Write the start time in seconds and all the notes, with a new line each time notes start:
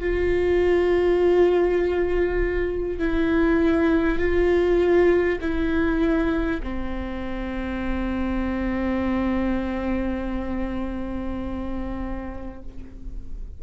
0.00 F4
2.99 E4
4.19 F4
5.42 E4
6.63 C4